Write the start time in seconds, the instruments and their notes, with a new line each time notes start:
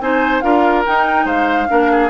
0.00 bassoon C4, clarinet D#4, oboe C5, flute G#5
0.40 bassoon D4, clarinet F4, oboe A#4, flute F5
0.86 clarinet D#4, bassoon D#4, flute G5
1.25 bassoon G#3, oboe C5, flute F5
1.68 bassoon A#3, clarinet D4, oboe A#4
1.91 oboe G#4